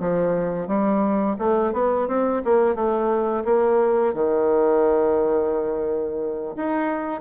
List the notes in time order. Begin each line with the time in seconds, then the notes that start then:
0.00 F3
0.68 G3
1.39 A3
1.73 B3
2.08 C4
2.45 A#3
2.75 A3
3.45 A#3
4.14 D#3
6.57 D#4